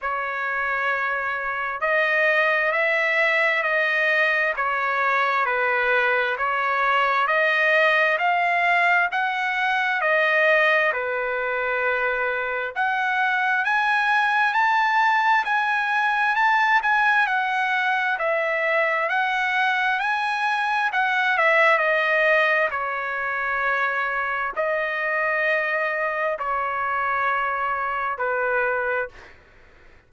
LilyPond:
\new Staff \with { instrumentName = "trumpet" } { \time 4/4 \tempo 4 = 66 cis''2 dis''4 e''4 | dis''4 cis''4 b'4 cis''4 | dis''4 f''4 fis''4 dis''4 | b'2 fis''4 gis''4 |
a''4 gis''4 a''8 gis''8 fis''4 | e''4 fis''4 gis''4 fis''8 e''8 | dis''4 cis''2 dis''4~ | dis''4 cis''2 b'4 | }